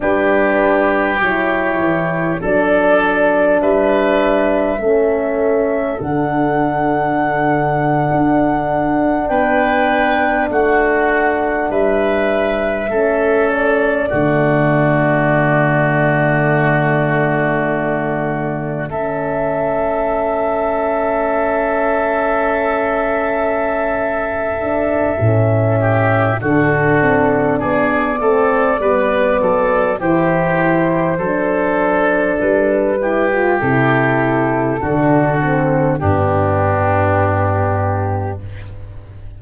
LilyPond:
<<
  \new Staff \with { instrumentName = "flute" } { \time 4/4 \tempo 4 = 50 b'4 cis''4 d''4 e''4~ | e''4 fis''2~ fis''8. g''16~ | g''8. fis''4 e''4. d''8.~ | d''2.~ d''8. e''16~ |
e''1~ | e''2 a'4 d''4~ | d''4 c''2 b'4 | a'2 g'2 | }
  \new Staff \with { instrumentName = "oboe" } { \time 4/4 g'2 a'4 b'4 | a'2.~ a'8. b'16~ | b'8. fis'4 b'4 a'4 fis'16~ | fis'2.~ fis'8. a'16~ |
a'1~ | a'4. g'8 fis'4 gis'8 a'8 | b'8 a'8 g'4 a'4. g'8~ | g'4 fis'4 d'2 | }
  \new Staff \with { instrumentName = "horn" } { \time 4/4 d'4 e'4 d'2 | cis'4 d'2.~ | d'2~ d'8. cis'4 a16~ | a2.~ a8. cis'16~ |
cis'1~ | cis'8 d'8 cis'4 d'4. c'8 | b4 e'4 d'4. e'16 f'16 | e'4 d'8 c'8 b2 | }
  \new Staff \with { instrumentName = "tuba" } { \time 4/4 g4 fis8 e8 fis4 g4 | a4 d4.~ d16 d'4 b16~ | b8. a4 g4 a4 d16~ | d2.~ d8. a16~ |
a1~ | a4 a,4 d8 c'8 b8 a8 | g8 fis8 e4 fis4 g4 | c4 d4 g,2 | }
>>